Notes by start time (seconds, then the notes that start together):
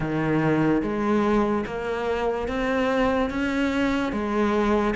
0.00 D#3
0.82 G#3
1.66 A#3
2.48 C4
3.30 C#4
4.12 G#3